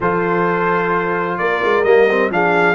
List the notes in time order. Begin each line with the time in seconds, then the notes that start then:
0.00 F3 F4 A4 C5
1.38 A#3 A#4 D5
1.63 G#3
1.84 G3 A#3 D#5
2.10 C4
2.30 F3 D4 G#4 F5